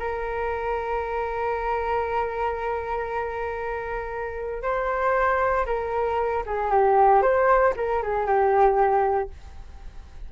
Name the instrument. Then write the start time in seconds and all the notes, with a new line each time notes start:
flute
0.00 A#4
4.63 C5
5.67 A#4
6.47 G#4
6.71 G4
7.22 C5
7.77 A#4
8.03 G#4
8.27 G4